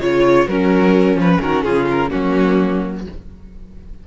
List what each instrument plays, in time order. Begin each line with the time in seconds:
0.00 cello C#3, viola F4, violin C#5
0.47 cello F#3, violin C#4 A#4, viola F#4
1.14 cello F3, viola C#4
1.20 violin B4
1.41 cello D#3, violin F#4 A#4
1.63 cello C#3, violin F4 G#4
1.91 violin A#4
2.10 cello F#3, viola A#3, violin C#4 F#4